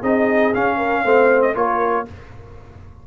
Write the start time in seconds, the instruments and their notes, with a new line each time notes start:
0.00 tuba C4, trombone D#4, horn G#4, trumpet D#5
0.54 trombone C#4, tuba C#4, trumpet F5
0.77 horn A#4
1.04 tuba A3, trombone C4, horn C5
1.42 trumpet D#5
1.54 tuba A#3, trombone F4, horn A#4, trumpet C#5